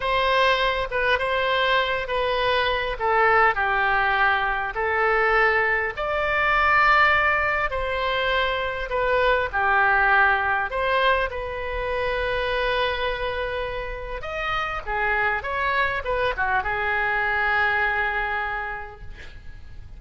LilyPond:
\new Staff \with { instrumentName = "oboe" } { \time 4/4 \tempo 4 = 101 c''4. b'8 c''4. b'8~ | b'4 a'4 g'2 | a'2 d''2~ | d''4 c''2 b'4 |
g'2 c''4 b'4~ | b'1 | dis''4 gis'4 cis''4 b'8 fis'8 | gis'1 | }